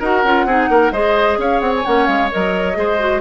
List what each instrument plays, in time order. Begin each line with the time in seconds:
0.00 bassoon D#4, clarinet F#4, oboe A#4, flute F#5
0.24 bassoon C#4, clarinet F4
0.45 bassoon C4, clarinet D#4, oboe G#4
0.70 bassoon A#3, oboe A#4
0.92 bassoon G#3, clarinet G#4, oboe C5, flute D#5
1.38 bassoon C#4, oboe C#5, flute F5
1.61 bassoon C4, flute F#5
1.77 flute G#5
1.84 bassoon A#3, clarinet C#4, flute F#5
2.07 bassoon G#3, flute F5
2.31 bassoon F#3, clarinet A#4, flute D#5
2.74 bassoon G#3, clarinet G#4, oboe C5
3.00 clarinet F#4